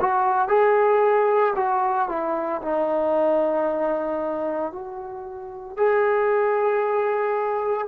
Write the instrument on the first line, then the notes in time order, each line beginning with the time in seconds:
trombone
0.00 F#4
0.48 G#4
1.56 F#4
2.08 E4
2.62 D#4
4.71 F#4
5.77 G#4